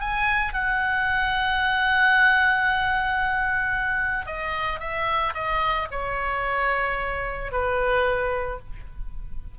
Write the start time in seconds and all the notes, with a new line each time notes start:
0.00 G#5
0.54 F#5
4.26 D#5
4.80 E5
5.34 D#5
5.91 C#5
7.52 B4